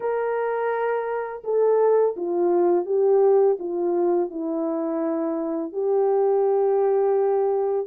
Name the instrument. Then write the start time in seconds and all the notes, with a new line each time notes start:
horn
0.00 A#4
1.44 A4
2.16 F4
2.85 G4
3.59 F4
4.30 E4
5.72 G4